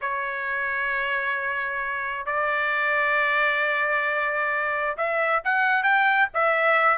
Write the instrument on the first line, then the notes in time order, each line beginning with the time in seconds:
trumpet
0.01 C#5
2.26 D5
4.97 E5
5.44 F#5
5.83 G5
6.33 E5